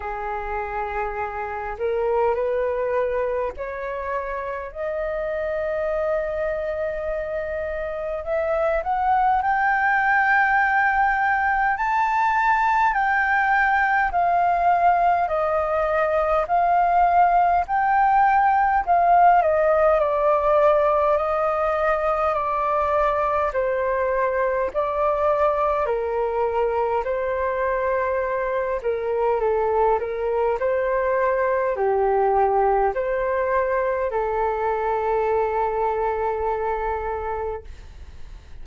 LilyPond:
\new Staff \with { instrumentName = "flute" } { \time 4/4 \tempo 4 = 51 gis'4. ais'8 b'4 cis''4 | dis''2. e''8 fis''8 | g''2 a''4 g''4 | f''4 dis''4 f''4 g''4 |
f''8 dis''8 d''4 dis''4 d''4 | c''4 d''4 ais'4 c''4~ | c''8 ais'8 a'8 ais'8 c''4 g'4 | c''4 a'2. | }